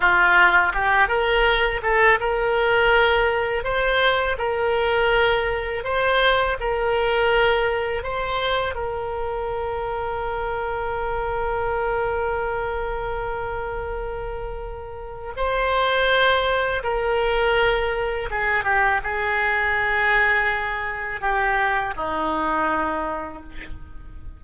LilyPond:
\new Staff \with { instrumentName = "oboe" } { \time 4/4 \tempo 4 = 82 f'4 g'8 ais'4 a'8 ais'4~ | ais'4 c''4 ais'2 | c''4 ais'2 c''4 | ais'1~ |
ais'1~ | ais'4 c''2 ais'4~ | ais'4 gis'8 g'8 gis'2~ | gis'4 g'4 dis'2 | }